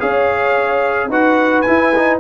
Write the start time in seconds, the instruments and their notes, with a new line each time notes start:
0.00 tuba C#4, trombone G#4, horn C#5, trumpet F5
1.09 tuba D#4, trombone F#4, horn B4, trumpet F#5
1.62 trombone E4, tuba E4, trumpet G#5
1.96 trombone D#4